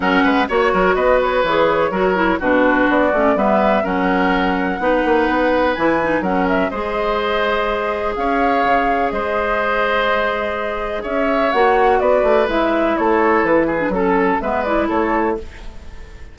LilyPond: <<
  \new Staff \with { instrumentName = "flute" } { \time 4/4 \tempo 4 = 125 fis''4 cis''4 dis''8 cis''4.~ | cis''4 b'4 d''4 e''4 | fis''1 | gis''4 fis''8 e''8 dis''2~ |
dis''4 f''2 dis''4~ | dis''2. e''4 | fis''4 d''4 e''4 cis''4 | b'4 a'4 e''8 d''8 cis''4 | }
  \new Staff \with { instrumentName = "oboe" } { \time 4/4 ais'8 b'8 cis''8 ais'8 b'2 | ais'4 fis'2 b'4 | ais'2 b'2~ | b'4 ais'4 c''2~ |
c''4 cis''2 c''4~ | c''2. cis''4~ | cis''4 b'2 a'4~ | a'8 gis'8 a'4 b'4 a'4 | }
  \new Staff \with { instrumentName = "clarinet" } { \time 4/4 cis'4 fis'2 gis'4 | fis'8 e'8 d'4. cis'8 b4 | cis'2 dis'2 | e'8 dis'8 cis'4 gis'2~ |
gis'1~ | gis'1 | fis'2 e'2~ | e'8. d'16 cis'4 b8 e'4. | }
  \new Staff \with { instrumentName = "bassoon" } { \time 4/4 fis8 gis8 ais8 fis8 b4 e4 | fis4 b,4 b8 a8 g4 | fis2 b8 ais8 b4 | e4 fis4 gis2~ |
gis4 cis'4 cis4 gis4~ | gis2. cis'4 | ais4 b8 a8 gis4 a4 | e4 fis4 gis4 a4 | }
>>